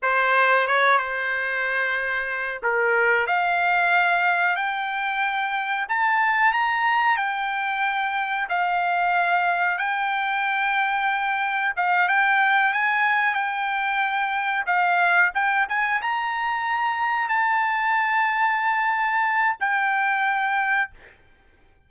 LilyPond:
\new Staff \with { instrumentName = "trumpet" } { \time 4/4 \tempo 4 = 92 c''4 cis''8 c''2~ c''8 | ais'4 f''2 g''4~ | g''4 a''4 ais''4 g''4~ | g''4 f''2 g''4~ |
g''2 f''8 g''4 gis''8~ | gis''8 g''2 f''4 g''8 | gis''8 ais''2 a''4.~ | a''2 g''2 | }